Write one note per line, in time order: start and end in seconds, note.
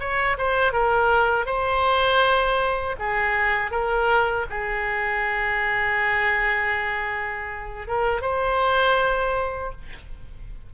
0.00 0.38 C#5
0.38 0.73 C5
0.73 1.46 A#4
1.46 2.96 C5
2.99 3.71 G#4
3.71 4.46 A#4
4.50 7.88 G#4
7.88 8.22 A#4
8.22 9.72 C5